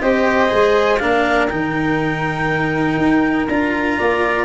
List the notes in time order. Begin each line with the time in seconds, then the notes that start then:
0.00 C4 G4 C5 D#5
0.49 G#3 G#4
0.98 A#3 D4 A#4 F5
1.48 D#3 D#4 G5
2.97 D#4
3.47 D4 F4 A#5
3.98 A#3 D5